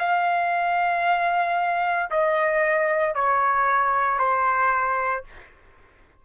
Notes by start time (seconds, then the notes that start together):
0.00 F5
2.11 D#5
3.15 C#5
4.20 C5